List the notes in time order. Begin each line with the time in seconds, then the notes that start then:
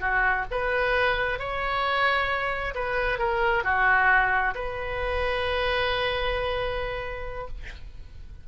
0.00 F#4
0.51 B4
1.39 C#5
2.75 B4
3.19 A#4
3.64 F#4
4.55 B4